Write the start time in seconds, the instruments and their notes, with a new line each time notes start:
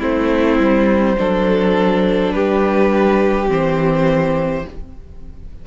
0.00 cello A3, viola C4, violin E4 C5
0.59 cello G3
1.17 cello F#3, viola D4, violin A4
2.32 cello G3, violin G4 B4
3.48 cello E3, viola C4, violin C5